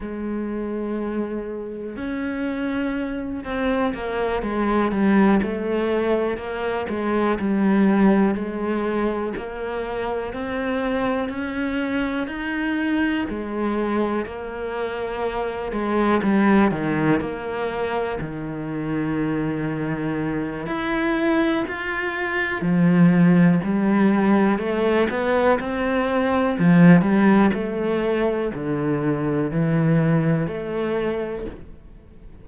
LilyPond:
\new Staff \with { instrumentName = "cello" } { \time 4/4 \tempo 4 = 61 gis2 cis'4. c'8 | ais8 gis8 g8 a4 ais8 gis8 g8~ | g8 gis4 ais4 c'4 cis'8~ | cis'8 dis'4 gis4 ais4. |
gis8 g8 dis8 ais4 dis4.~ | dis4 e'4 f'4 f4 | g4 a8 b8 c'4 f8 g8 | a4 d4 e4 a4 | }